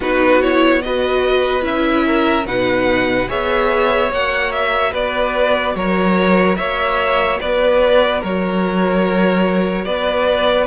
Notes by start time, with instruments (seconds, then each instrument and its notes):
0.00 cello B3, viola D#4, violin F#4 B4
0.41 viola E4, violin C#5
0.81 viola F#4, violin B4 D#5
1.61 cello C#4, viola E4, violin E5
2.05 violin A#4
2.45 cello B2, viola D#4, violin B4 F#5
3.27 cello B3, viola G#4, violin C#5 E5
4.08 cello A#3, viola F#4, violin F#5
4.51 violin E5
4.91 cello B3, violin B4 D5
5.75 cello F#3, violin A#4 C#5
6.56 cello A#3, violin C#5 E5
7.40 cello B3, violin B4 D5
8.21 cello F#3, violin A#4 C#5
9.84 cello B3, violin B4 D5